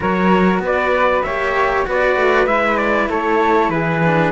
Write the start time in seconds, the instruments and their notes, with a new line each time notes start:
0.00 cello F#3 F#4, flute A#4, trumpet C#5
0.59 cello B3, flute B4
0.66 trumpet D5
1.22 cello A#3 G4, flute C#5, trumpet E5
1.85 cello B3 F#4, flute B4, trumpet D5
2.16 cello A3
2.46 cello G#3 E4, trumpet E5
2.77 trumpet D5
3.09 cello A3, flute A4, trumpet C#5
3.68 cello E3, flute G#4, trumpet B4
4.05 cello D4